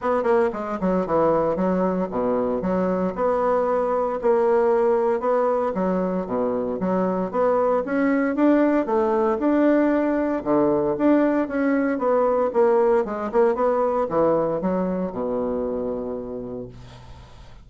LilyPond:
\new Staff \with { instrumentName = "bassoon" } { \time 4/4 \tempo 4 = 115 b8 ais8 gis8 fis8 e4 fis4 | b,4 fis4 b2 | ais2 b4 fis4 | b,4 fis4 b4 cis'4 |
d'4 a4 d'2 | d4 d'4 cis'4 b4 | ais4 gis8 ais8 b4 e4 | fis4 b,2. | }